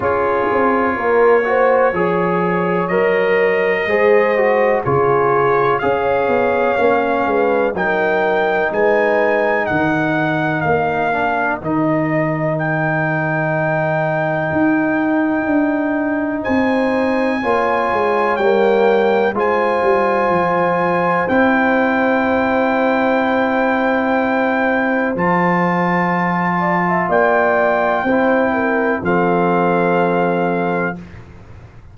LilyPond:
<<
  \new Staff \with { instrumentName = "trumpet" } { \time 4/4 \tempo 4 = 62 cis''2. dis''4~ | dis''4 cis''4 f''2 | g''4 gis''4 fis''4 f''4 | dis''4 g''2.~ |
g''4 gis''2 g''4 | gis''2 g''2~ | g''2 a''2 | g''2 f''2 | }
  \new Staff \with { instrumentName = "horn" } { \time 4/4 gis'4 ais'8 c''8 cis''2 | c''4 gis'4 cis''4. b'8 | ais'4 b'4 ais'2~ | ais'1~ |
ais'4 c''4 cis''2 | c''1~ | c''2.~ c''8 d''16 e''16 | d''4 c''8 ais'8 a'2 | }
  \new Staff \with { instrumentName = "trombone" } { \time 4/4 f'4. fis'8 gis'4 ais'4 | gis'8 fis'8 f'4 gis'4 cis'4 | dis'2.~ dis'8 d'8 | dis'1~ |
dis'2 f'4 ais4 | f'2 e'2~ | e'2 f'2~ | f'4 e'4 c'2 | }
  \new Staff \with { instrumentName = "tuba" } { \time 4/4 cis'8 c'8 ais4 f4 fis4 | gis4 cis4 cis'8 b8 ais8 gis8 | fis4 gis4 dis4 ais4 | dis2. dis'4 |
d'4 c'4 ais8 gis8 g4 | gis8 g8 f4 c'2~ | c'2 f2 | ais4 c'4 f2 | }
>>